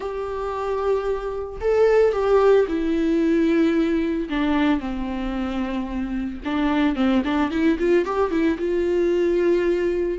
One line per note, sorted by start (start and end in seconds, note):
0.00 1.59 G4
1.60 2.12 A4
2.12 2.65 G4
2.68 4.28 E4
4.29 4.80 D4
4.80 6.40 C4
6.44 6.95 D4
6.95 7.22 C4
7.24 7.50 D4
7.50 7.77 E4
7.79 8.05 F4
8.05 8.30 G4
8.30 8.57 E4
8.58 10.18 F4